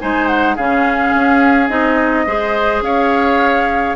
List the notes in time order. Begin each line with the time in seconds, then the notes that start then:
0.00 G#3 D#4 C5 G#5
0.27 F#5
0.55 C#3 C#4 G#4 F5
1.14 C#4
1.68 C4 D#4 D#5
2.26 G#3 G#4 C5
2.81 C#4 C#5 F5